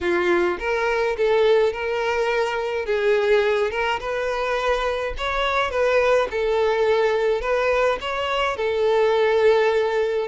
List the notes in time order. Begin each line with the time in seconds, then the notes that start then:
0.01 F4
0.59 A#4
1.17 A4
1.72 A#4
2.85 G#4
3.71 A#4
3.99 B4
5.17 C#5
5.70 B4
6.30 A4
7.41 B4
8.00 C#5
8.56 A4